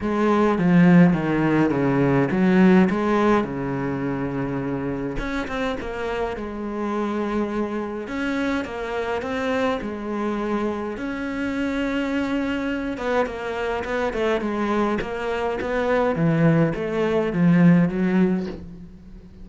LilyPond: \new Staff \with { instrumentName = "cello" } { \time 4/4 \tempo 4 = 104 gis4 f4 dis4 cis4 | fis4 gis4 cis2~ | cis4 cis'8 c'8 ais4 gis4~ | gis2 cis'4 ais4 |
c'4 gis2 cis'4~ | cis'2~ cis'8 b8 ais4 | b8 a8 gis4 ais4 b4 | e4 a4 f4 fis4 | }